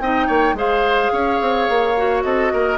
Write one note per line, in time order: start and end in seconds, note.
0.00 0.28 C4
0.00 0.56 D#4
0.00 0.27 D#5
0.00 0.57 G5
0.27 0.54 A#3
0.27 0.55 C#5
0.54 1.09 G#3
0.54 1.95 G#4
0.54 1.12 C5
0.54 2.24 F5
1.12 1.40 C#4
1.12 2.23 C#5
1.41 1.69 C4
1.69 2.24 A#3
1.97 2.78 F#4
2.24 2.52 C4
2.24 2.52 A4
2.24 2.78 D#5
2.53 2.78 A#3
2.53 2.78 A#4